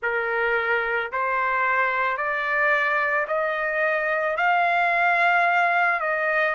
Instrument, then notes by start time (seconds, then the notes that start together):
trumpet
0.02 A#4
1.12 C5
2.17 D5
3.27 D#5
4.36 F5
6.00 D#5